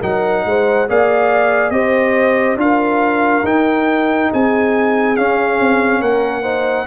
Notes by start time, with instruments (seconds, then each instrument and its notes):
0.00 tuba F#3, trombone D#4, horn A#4, trumpet F#5
0.45 tuba G#3, horn C5
0.88 tuba A#3, trombone G#4, horn D5, trumpet F5
1.70 tuba C4, trombone G4, horn C5, trumpet D#5
2.56 tuba D4, trombone F4, horn A#4, trumpet F5
3.43 tuba D#4, trombone D#4, trumpet G5
4.33 tuba C4, horn G#4, trumpet G#5
5.16 trombone C#4, tuba C#4, trumpet F5
5.60 tuba C4
6.00 tuba A#3, horn A#4, trumpet F#5
6.42 trombone D#4, horn C5